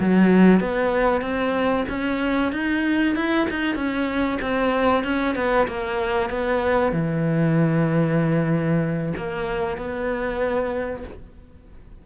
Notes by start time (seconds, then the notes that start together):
0.00 F#3
0.61 B3
1.22 C4
1.89 C#4
2.52 D#4
3.16 E4
3.51 D#4
3.76 C#4
4.42 C4
5.04 C#4
5.36 B3
5.68 A#3
6.30 B3
6.92 E3
9.17 A#3
9.78 B3